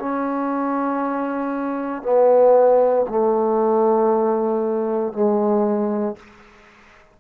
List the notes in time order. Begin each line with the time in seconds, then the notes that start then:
0.00 C#4
2.03 B3
3.09 A3
5.13 G#3